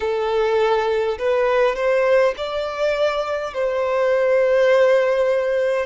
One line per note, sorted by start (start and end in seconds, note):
0.00 1.18 A4
1.18 1.75 B4
1.75 2.34 C5
2.37 3.53 D5
3.53 5.86 C5